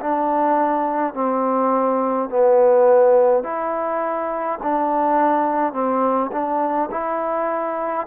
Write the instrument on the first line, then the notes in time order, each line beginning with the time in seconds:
trombone
0.00 D4
1.14 C4
2.29 B3
3.44 E4
4.63 D4
5.73 C4
6.31 D4
6.91 E4